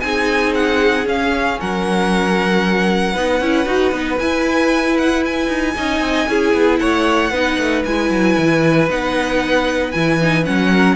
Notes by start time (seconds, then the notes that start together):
0.00 C4 D#4 G#4 G#5
0.54 F#5
1.05 C#4 F5
1.60 F#3 A#4 F#5
3.12 B3 D#4 B4
3.40 C#4 E4
3.65 D#4 F#4
3.91 B3 D#4
4.18 E4 G#5
4.97 F#5
5.25 G#5
5.48 D#4
5.76 C#4 D#4 D#5
6.00 C4
6.28 C#4 E4 G#4
6.54 B3
6.78 A3 C#5 F#5
7.31 B3 D#4 B4
7.58 A3
7.85 G#3 E4 G#5
8.10 F#3
8.38 E3
8.89 B3 D#4 F#5
9.91 E3 E4 G#5
10.21 D#4
10.44 F#3 C#4 F#5
10.70 A#4